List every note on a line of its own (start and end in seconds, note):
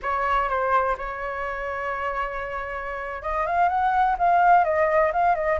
0.02 0.48 C#5
0.48 0.96 C5
0.97 3.22 C#5
3.22 3.46 D#5
3.46 3.68 F5
3.68 4.16 F#5
4.18 4.64 F5
4.64 5.12 D#5
5.13 5.35 F5
5.35 5.59 D#5